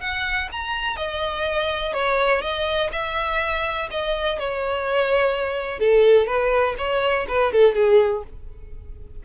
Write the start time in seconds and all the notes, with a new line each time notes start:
0.00 F#5
0.52 A#5
0.96 D#5
1.93 C#5
2.41 D#5
2.91 E5
3.90 D#5
4.38 C#5
5.79 A4
6.26 B4
6.77 C#5
7.28 B4
7.52 A4
7.74 G#4